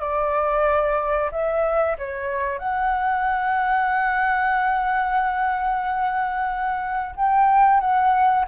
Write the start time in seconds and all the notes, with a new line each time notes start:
0.00 D5
1.32 E5
1.98 C#5
2.59 F#5
7.16 G5
7.80 F#5